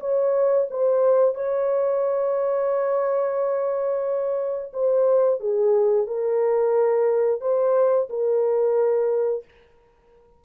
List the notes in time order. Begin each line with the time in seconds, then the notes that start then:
0.00 C#5
0.70 C5
1.35 C#5
4.73 C5
5.40 G#4
6.06 A#4
7.41 C5
8.09 A#4